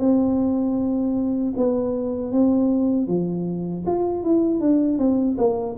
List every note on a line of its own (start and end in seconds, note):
0.00 1.54 C4
1.57 2.32 B3
2.32 3.08 C4
3.08 3.85 F3
3.87 4.24 F4
4.24 4.60 E4
4.60 4.99 D4
4.99 5.37 C4
5.38 5.77 A#3